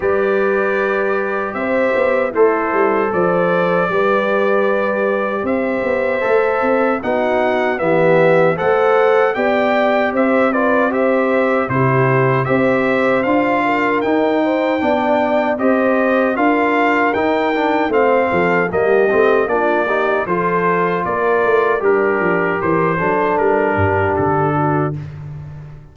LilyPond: <<
  \new Staff \with { instrumentName = "trumpet" } { \time 4/4 \tempo 4 = 77 d''2 e''4 c''4 | d''2. e''4~ | e''4 fis''4 e''4 fis''4 | g''4 e''8 d''8 e''4 c''4 |
e''4 f''4 g''2 | dis''4 f''4 g''4 f''4 | dis''4 d''4 c''4 d''4 | ais'4 c''4 ais'4 a'4 | }
  \new Staff \with { instrumentName = "horn" } { \time 4/4 b'2 c''4 e'4 | c''4 b'2 c''4~ | c''4 fis'4 g'4 c''4 | d''4 c''8 b'8 c''4 g'4 |
c''4. ais'4 c''8 d''4 | c''4 ais'2 c''8 a'8 | g'4 f'8 g'8 a'4 ais'4 | d'4 ais'8 a'4 g'4 fis'8 | }
  \new Staff \with { instrumentName = "trombone" } { \time 4/4 g'2. a'4~ | a'4 g'2. | a'4 dis'4 b4 a'4 | g'4. f'8 g'4 e'4 |
g'4 f'4 dis'4 d'4 | g'4 f'4 dis'8 d'8 c'4 | ais8 c'8 d'8 dis'8 f'2 | g'4. d'2~ d'8 | }
  \new Staff \with { instrumentName = "tuba" } { \time 4/4 g2 c'8 b8 a8 g8 | f4 g2 c'8 b8 | a8 c'8 b4 e4 a4 | b4 c'2 c4 |
c'4 d'4 dis'4 b4 | c'4 d'4 dis'4 a8 f8 | g8 a8 ais4 f4 ais8 a8 | g8 f8 e8 fis8 g8 g,8 d4 | }
>>